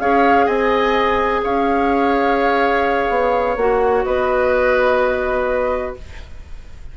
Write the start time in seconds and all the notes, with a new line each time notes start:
0.00 C#4 G#4 C#5 F5
0.46 C4 D#5 G#5
1.44 C#4 C#5 F5
3.10 B3
3.57 A#3 F#4 F#5
4.05 B3 B4 D#5